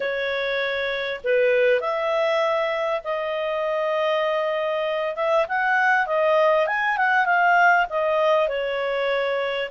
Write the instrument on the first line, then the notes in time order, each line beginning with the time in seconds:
clarinet
0.00 C#5
1.24 B4
1.80 E5
3.04 D#5
5.15 E5
5.48 F#5
6.06 D#5
6.67 G#5
6.97 F#5
7.25 F5
7.89 D#5
8.48 C#5